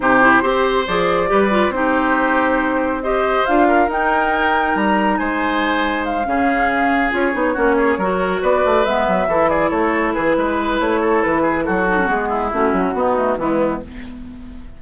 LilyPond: <<
  \new Staff \with { instrumentName = "flute" } { \time 4/4 \tempo 4 = 139 c''2 d''2 | c''2. dis''4 | f''4 g''2 ais''4 | gis''2 f''2~ |
f''8 cis''2. d''8~ | d''8 e''4. d''8 cis''4 b'8~ | b'4 cis''4 b'4 a'4 | gis'4 fis'2 e'4 | }
  \new Staff \with { instrumentName = "oboe" } { \time 4/4 g'4 c''2 b'4 | g'2. c''4~ | c''8 ais'2.~ ais'8 | c''2~ c''8 gis'4.~ |
gis'4. fis'8 gis'8 ais'4 b'8~ | b'4. a'8 gis'8 a'4 gis'8 | b'4. a'4 gis'8 fis'4~ | fis'8 e'4. dis'4 b4 | }
  \new Staff \with { instrumentName = "clarinet" } { \time 4/4 dis'8 e'8 g'4 gis'4 g'8 f'8 | dis'2. g'4 | f'4 dis'2.~ | dis'2~ dis'8 cis'4.~ |
cis'8 f'8 dis'8 cis'4 fis'4.~ | fis'8 b4 e'2~ e'8~ | e'2.~ e'8 dis'16 cis'16 | b4 cis'4 b8 a8 gis4 | }
  \new Staff \with { instrumentName = "bassoon" } { \time 4/4 c4 c'4 f4 g4 | c'1 | d'4 dis'2 g4 | gis2~ gis8 cis4.~ |
cis8 cis'8 b8 ais4 fis4 b8 | a8 gis8 fis8 e4 a4 e8 | gis4 a4 e4 fis4 | gis4 a8 fis8 b4 e4 | }
>>